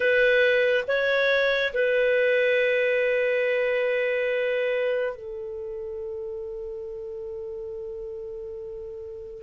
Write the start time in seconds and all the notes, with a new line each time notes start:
0.00 B4
0.87 C#5
1.73 B4
5.16 A4